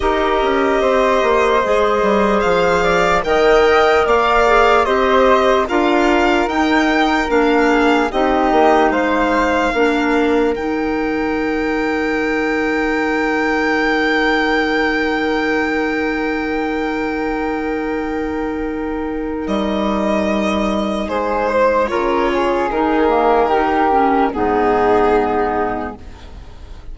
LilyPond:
<<
  \new Staff \with { instrumentName = "violin" } { \time 4/4 \tempo 4 = 74 dis''2. f''4 | g''4 f''4 dis''4 f''4 | g''4 f''4 dis''4 f''4~ | f''4 g''2.~ |
g''1~ | g''1 | dis''2 c''4 cis''4 | ais'2 gis'2 | }
  \new Staff \with { instrumentName = "flute" } { \time 4/4 ais'4 c''2~ c''8 d''8 | dis''4 d''4 c''4 ais'4~ | ais'4. gis'8 g'4 c''4 | ais'1~ |
ais'1~ | ais'1~ | ais'2 gis'8 c''8 ais'8 gis'8~ | gis'4 g'4 dis'2 | }
  \new Staff \with { instrumentName = "clarinet" } { \time 4/4 g'2 gis'2 | ais'4. gis'8 g'4 f'4 | dis'4 d'4 dis'2 | d'4 dis'2.~ |
dis'1~ | dis'1~ | dis'2. f'4 | dis'8 ais8 dis'8 cis'8 b2 | }
  \new Staff \with { instrumentName = "bassoon" } { \time 4/4 dis'8 cis'8 c'8 ais8 gis8 g8 f4 | dis4 ais4 c'4 d'4 | dis'4 ais4 c'8 ais8 gis4 | ais4 dis2.~ |
dis1~ | dis1 | g2 gis4 cis4 | dis2 gis,2 | }
>>